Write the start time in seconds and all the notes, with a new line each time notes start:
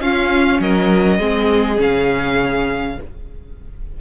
0.00 C#4 F4 F5
0.60 F#3 A#4 D#5
1.18 G#3 C4 G#4
1.78 C#3 C#4 F5